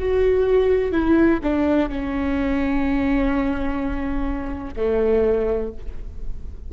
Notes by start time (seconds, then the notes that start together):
0.00 F#4
0.92 E4
1.43 D4
1.90 C#4
4.77 A3